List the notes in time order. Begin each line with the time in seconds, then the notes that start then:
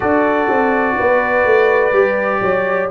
0.00 D4 F#4 A4 D5
0.49 C4
0.97 B3 B4
1.45 A3
1.92 G3 G4
2.41 F#3 C#5